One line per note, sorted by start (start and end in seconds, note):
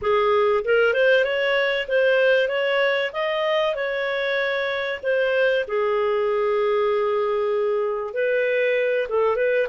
0.01 0.64 G#4
0.64 0.93 A#4
0.93 1.24 C5
1.24 1.86 C#5
1.88 2.48 C5
2.48 3.11 C#5
3.12 3.75 D#5
3.75 5.00 C#5
5.02 5.65 C5
5.67 8.13 G#4
8.13 9.07 B4
9.09 9.36 A4
9.36 9.67 B4